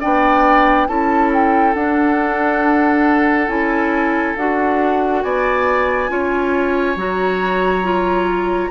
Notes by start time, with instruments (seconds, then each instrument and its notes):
0.00 bassoon B3, clarinet D4, oboe D5, flute G5
0.87 bassoon C#4, clarinet E4, oboe A4, flute A5
1.33 flute G5
1.74 bassoon D4, clarinet D4, flute F#5
3.47 bassoon C#4, clarinet E4, flute G#5
4.36 bassoon D4, clarinet F#4, flute F#5
5.22 bassoon B3, oboe D5, flute G#5
6.08 bassoon C#4, clarinet F4, oboe C#5
6.96 bassoon F#3, clarinet F#4, flute A#5
7.83 clarinet F4